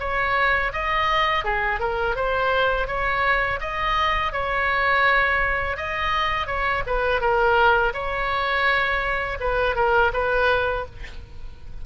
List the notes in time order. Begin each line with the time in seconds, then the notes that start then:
0.00 C#5
0.73 D#5
1.45 G#4
1.80 A#4
2.16 C5
2.88 C#5
3.61 D#5
4.33 C#5
5.77 D#5
6.47 C#5
6.87 B4
7.21 A#4
7.94 C#5
9.40 B4
9.76 A#4
10.13 B4